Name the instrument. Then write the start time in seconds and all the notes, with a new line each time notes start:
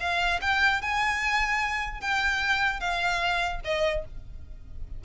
violin
0.00 F5
0.42 G5
0.82 G#5
2.01 G5
2.80 F5
3.65 D#5